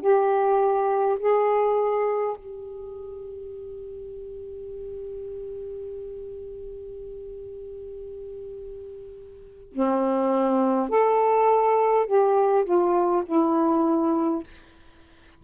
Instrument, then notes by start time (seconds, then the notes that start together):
saxophone
0.00 G4
1.19 G#4
2.37 G4
9.72 C4
10.89 A4
12.06 G4
12.64 F4
13.25 E4